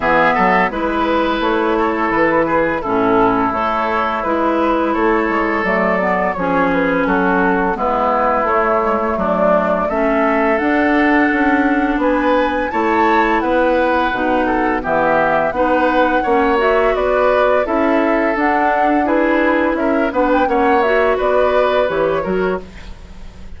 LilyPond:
<<
  \new Staff \with { instrumentName = "flute" } { \time 4/4 \tempo 4 = 85 e''4 b'4 cis''4 b'4 | a'4 cis''4 b'4 cis''4 | d''4 cis''8 b'8 a'4 b'4 | cis''4 d''4 e''4 fis''4~ |
fis''4 gis''4 a''4 fis''4~ | fis''4 e''4 fis''4. e''8 | d''4 e''4 fis''4 b'4 | e''8 fis''16 g''16 fis''8 e''8 d''4 cis''4 | }
  \new Staff \with { instrumentName = "oboe" } { \time 4/4 gis'8 a'8 b'4. a'4 gis'8 | e'2. a'4~ | a'4 gis'4 fis'4 e'4~ | e'4 d'4 a'2~ |
a'4 b'4 cis''4 b'4~ | b'8 a'8 g'4 b'4 cis''4 | b'4 a'2 gis'4 | ais'8 b'8 cis''4 b'4. ais'8 | }
  \new Staff \with { instrumentName = "clarinet" } { \time 4/4 b4 e'2. | cis'4 a'4 e'2 | a8 b8 cis'2 b4 | a8 gis16 a4~ a16 cis'4 d'4~ |
d'2 e'2 | dis'4 b4 dis'4 cis'8 fis'8~ | fis'4 e'4 d'4 e'4~ | e'8 d'8 cis'8 fis'4. g'8 fis'8 | }
  \new Staff \with { instrumentName = "bassoon" } { \time 4/4 e8 fis8 gis4 a4 e4 | a,4 a4 gis4 a8 gis8 | fis4 f4 fis4 gis4 | a4 fis4 a4 d'4 |
cis'4 b4 a4 b4 | b,4 e4 b4 ais4 | b4 cis'4 d'2 | cis'8 b8 ais4 b4 e8 fis8 | }
>>